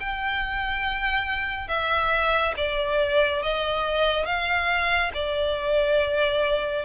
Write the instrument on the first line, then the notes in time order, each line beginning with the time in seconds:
violin
0.00 G5
1.68 E5
2.57 D5
3.42 D#5
4.26 F5
5.14 D5